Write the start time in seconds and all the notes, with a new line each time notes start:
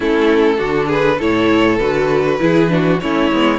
0.00 A3 C#4 E4 A4
0.57 D3 D4 F#4
0.86 G#4 B4
1.18 A2 E4 A4 C#5
1.77 D3 F#4 B4
2.39 E3 E4 G#4
2.68 D4 F#4
3.00 A3 C#4 E4 C#5
3.32 G#3 B3